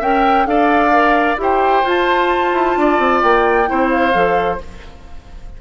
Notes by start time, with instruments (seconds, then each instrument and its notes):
0.00 bassoon C#4, clarinet A#4, oboe E5, flute G5
0.46 bassoon D4, clarinet A4, oboe D5, flute F5
0.92 clarinet A#4
1.37 bassoon E4, clarinet G4, oboe C5, flute G5
1.83 bassoon F4, clarinet F4, flute A5
2.52 bassoon E4
2.77 bassoon D4, oboe D5
2.99 bassoon C4
3.22 bassoon A#3, flute G5
3.66 bassoon C4, clarinet E4, oboe C5
3.89 flute F5
4.12 bassoon F3, clarinet A4